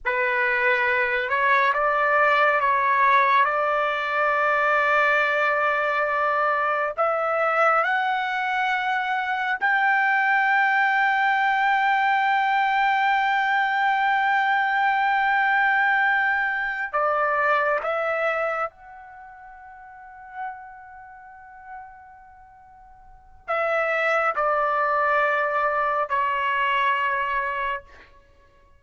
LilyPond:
\new Staff \with { instrumentName = "trumpet" } { \time 4/4 \tempo 4 = 69 b'4. cis''8 d''4 cis''4 | d''1 | e''4 fis''2 g''4~ | g''1~ |
g''2.~ g''8 d''8~ | d''8 e''4 fis''2~ fis''8~ | fis''2. e''4 | d''2 cis''2 | }